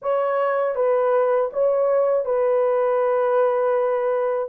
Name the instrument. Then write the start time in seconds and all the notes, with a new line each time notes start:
horn
0.01 C#5
0.75 B4
1.52 C#5
2.25 B4